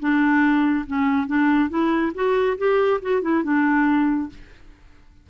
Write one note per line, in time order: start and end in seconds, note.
0.00 0.86 D4
0.87 1.27 C#4
1.27 1.70 D4
1.70 2.13 E4
2.15 2.58 F#4
2.58 3.01 G4
3.02 3.22 F#4
3.22 3.43 E4
3.44 4.30 D4